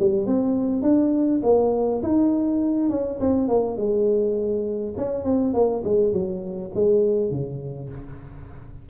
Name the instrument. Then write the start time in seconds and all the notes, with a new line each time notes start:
tuba
0.00 G3
0.27 C4
0.83 D4
1.43 A#3
2.03 D#4
2.90 C#4
3.21 C4
3.48 A#3
3.78 G#3
4.97 C#4
5.25 C4
5.54 A#3
5.85 G#3
6.13 F#3
6.75 G#3
7.31 C#3